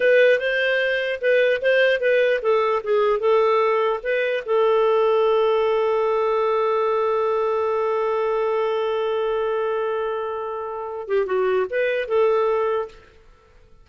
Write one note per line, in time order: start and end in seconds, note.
0.00 0.39 B4
0.39 1.20 C5
1.21 1.61 B4
1.61 2.00 C5
2.00 2.40 B4
2.42 2.82 A4
2.83 3.19 G#4
3.19 4.00 A4
4.03 4.43 B4
4.45 11.08 A4
11.08 11.25 G4
11.25 11.66 F#4
11.70 12.07 B4
12.07 12.88 A4